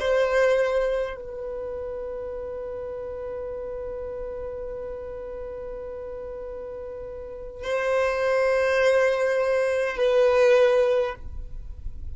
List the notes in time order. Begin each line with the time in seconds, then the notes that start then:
0.00 C5
1.17 B4
7.64 C5
9.97 B4